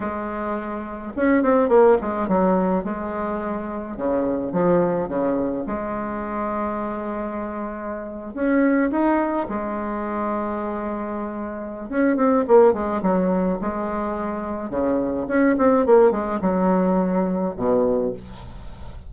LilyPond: \new Staff \with { instrumentName = "bassoon" } { \time 4/4 \tempo 4 = 106 gis2 cis'8 c'8 ais8 gis8 | fis4 gis2 cis4 | f4 cis4 gis2~ | gis2~ gis8. cis'4 dis'16~ |
dis'8. gis2.~ gis16~ | gis4 cis'8 c'8 ais8 gis8 fis4 | gis2 cis4 cis'8 c'8 | ais8 gis8 fis2 b,4 | }